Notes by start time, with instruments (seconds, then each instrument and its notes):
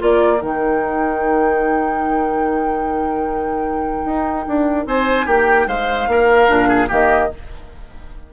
0.00 bassoon A#3, clarinet F4, oboe A#4, flute D5
0.38 bassoon D#3, clarinet D#4, flute G5
4.05 bassoon D#4
4.48 bassoon D4
4.86 bassoon C4, oboe C5, flute G#5
5.27 bassoon A#3, oboe G4, flute G5
5.67 bassoon G#3, oboe C5, flute F5
6.08 bassoon A#3, oboe A#4
6.48 bassoon A#2, clarinet D4
6.69 oboe G#4
6.88 bassoon D#3, clarinet A#3, oboe G4, flute D#5